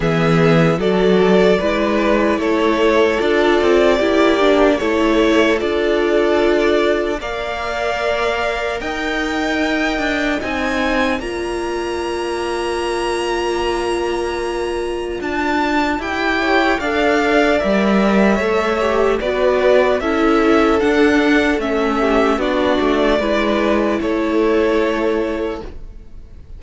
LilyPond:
<<
  \new Staff \with { instrumentName = "violin" } { \time 4/4 \tempo 4 = 75 e''4 d''2 cis''4 | d''2 cis''4 d''4~ | d''4 f''2 g''4~ | g''4 gis''4 ais''2~ |
ais''2. a''4 | g''4 f''4 e''2 | d''4 e''4 fis''4 e''4 | d''2 cis''2 | }
  \new Staff \with { instrumentName = "violin" } { \time 4/4 gis'4 a'4 b'4 a'4~ | a'4 g'4 a'2~ | a'4 d''2 dis''4~ | dis''2 d''2~ |
d''1~ | d''8 cis''8 d''2 cis''4 | b'4 a'2~ a'8 g'8 | fis'4 b'4 a'2 | }
  \new Staff \with { instrumentName = "viola" } { \time 4/4 b4 fis'4 e'2 | f'4 e'8 d'8 e'4 f'4~ | f'4 ais'2.~ | ais'4 dis'4 f'2~ |
f'1 | g'4 a'4 ais'4 a'8 g'8 | fis'4 e'4 d'4 cis'4 | d'4 e'2. | }
  \new Staff \with { instrumentName = "cello" } { \time 4/4 e4 fis4 gis4 a4 | d'8 c'8 ais4 a4 d'4~ | d'4 ais2 dis'4~ | dis'8 d'8 c'4 ais2~ |
ais2. d'4 | e'4 d'4 g4 a4 | b4 cis'4 d'4 a4 | b8 a8 gis4 a2 | }
>>